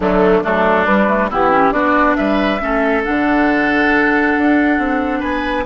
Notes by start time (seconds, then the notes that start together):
0.00 D3 F#3 A3 D4
0.43 F#3 A3 D4 A4
0.85 G3 B4
1.08 A3
1.30 E3 B3 E4 G4
1.51 C#4
1.72 B3 D4 F#4 D5
2.16 G3 B4 E5
2.60 A3 C#4 A4
3.04 D3 D4 F#5
4.37 D4
4.78 C4
5.19 B3 B4 G#5